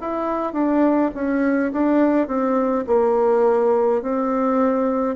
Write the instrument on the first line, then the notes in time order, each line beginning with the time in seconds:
bassoon
0.00 E4
0.52 D4
1.14 C#4
1.72 D4
2.27 C4
2.86 A#3
4.02 C4